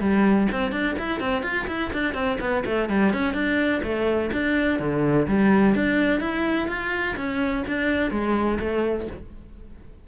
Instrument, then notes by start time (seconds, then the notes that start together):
cello
0.00 G3
0.52 C4
0.71 D4
0.98 E4
1.20 C4
1.42 F4
1.67 E4
1.93 D4
2.14 C4
2.40 B3
2.65 A3
2.89 G3
3.13 C#4
3.34 D4
3.82 A3
4.32 D4
4.79 D3
5.27 G3
5.75 D4
6.20 E4
6.67 F4
7.16 C#4
7.67 D4
8.11 G#3
8.59 A3